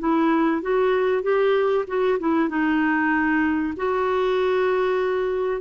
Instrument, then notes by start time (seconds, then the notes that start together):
clarinet
0.00 E4
0.62 F#4
1.23 G4
1.88 F#4
2.20 E4
2.49 D#4
3.77 F#4